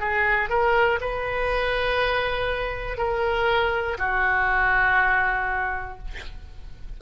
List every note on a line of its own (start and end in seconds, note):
0.00 0.50 G#4
0.50 1.00 A#4
1.00 2.97 B4
2.97 3.97 A#4
3.99 5.99 F#4